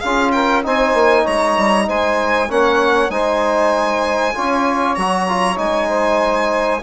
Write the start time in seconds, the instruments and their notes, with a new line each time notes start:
0.00 bassoon C#4, trombone F4, saxophone G#4, violin F5
0.31 saxophone A#4, violin G5
0.63 bassoon C4, trombone D#4, saxophone C5, violin G#5
0.94 bassoon A#3
1.23 bassoon G#3, saxophone C#5, violin A#5
1.58 bassoon G3
1.87 bassoon G#3, saxophone C5, violin G#5
2.50 bassoon A#3, trombone C#4, saxophone C#5, violin F#5
3.09 bassoon G#3, trombone D#4, saxophone C5, violin G#5
4.34 bassoon C#4, trombone F4, saxophone C#5
4.95 bassoon F#3, trombone F#4, violin A#5
5.28 trombone F4
5.57 bassoon G#3, trombone D#4, violin G#5
5.89 saxophone C5